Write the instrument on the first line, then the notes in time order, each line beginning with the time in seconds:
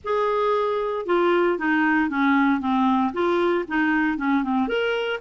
clarinet
0.04 G#4
1.06 F4
1.58 D#4
2.09 C#4
2.60 C4
3.13 F4
3.68 D#4
4.17 C#4
4.43 C4
4.67 A#4